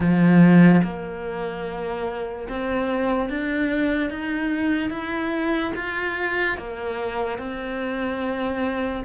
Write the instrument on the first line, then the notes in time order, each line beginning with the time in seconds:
cello
0.00 F3
0.83 A#3
2.48 C4
3.29 D4
4.09 D#4
4.90 E4
5.75 F4
6.57 A#3
7.38 C4